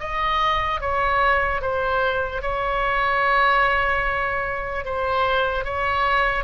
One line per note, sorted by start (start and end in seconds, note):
0.00 0.81 D#5
0.81 1.62 C#5
1.62 2.42 C5
2.42 4.85 C#5
4.85 5.65 C5
5.65 6.45 C#5